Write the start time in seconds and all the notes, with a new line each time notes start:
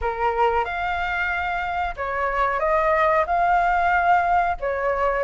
0.01 A#4
0.65 F5
1.96 C#5
2.59 D#5
3.26 F5
4.59 C#5